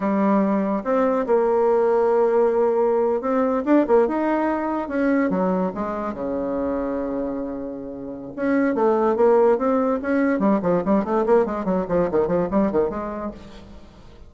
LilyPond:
\new Staff \with { instrumentName = "bassoon" } { \time 4/4 \tempo 4 = 144 g2 c'4 ais4~ | ais2.~ ais8. c'16~ | c'8. d'8 ais8 dis'2 cis'16~ | cis'8. fis4 gis4 cis4~ cis16~ |
cis1 | cis'4 a4 ais4 c'4 | cis'4 g8 f8 g8 a8 ais8 gis8 | fis8 f8 dis8 f8 g8 dis8 gis4 | }